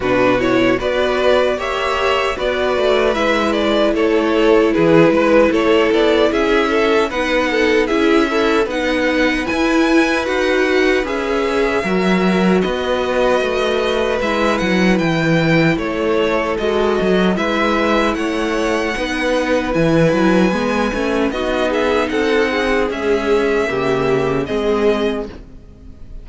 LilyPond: <<
  \new Staff \with { instrumentName = "violin" } { \time 4/4 \tempo 4 = 76 b'8 cis''8 d''4 e''4 d''4 | e''8 d''8 cis''4 b'4 cis''8 d''8 | e''4 fis''4 e''4 fis''4 | gis''4 fis''4 e''2 |
dis''2 e''8 fis''8 g''4 | cis''4 dis''4 e''4 fis''4~ | fis''4 gis''2 dis''8 e''8 | fis''4 e''2 dis''4 | }
  \new Staff \with { instrumentName = "violin" } { \time 4/4 fis'4 b'4 cis''4 b'4~ | b'4 a'4 gis'8 b'8 a'4 | gis'8 a'8 b'8 a'8 gis'8 e'8 b'4~ | b'2. ais'4 |
b'1 | a'2 b'4 cis''4 | b'2. fis'8 gis'8 | a'8 gis'4. g'4 gis'4 | }
  \new Staff \with { instrumentName = "viola" } { \time 4/4 d'8 e'8 fis'4 g'4 fis'4 | e'1~ | e'4 dis'4 e'8 a'8 dis'4 | e'4 fis'4 gis'4 fis'4~ |
fis'2 e'2~ | e'4 fis'4 e'2 | dis'4 e'4 b8 cis'8 dis'4~ | dis'4 gis4 ais4 c'4 | }
  \new Staff \with { instrumentName = "cello" } { \time 4/4 b,4 b4 ais4 b8 a8 | gis4 a4 e8 gis8 a8 b8 | cis'4 b4 cis'4 b4 | e'4 dis'4 cis'4 fis4 |
b4 a4 gis8 fis8 e4 | a4 gis8 fis8 gis4 a4 | b4 e8 fis8 gis8 a8 b4 | c'4 cis'4 cis4 gis4 | }
>>